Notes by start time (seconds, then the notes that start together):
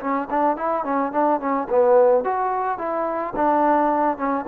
0.00 C#4
0.30 D4
0.56 E4
0.84 C#4
1.12 D4
1.40 C#4
1.69 B3
2.24 F#4
2.78 E4
3.35 D4
4.17 C#4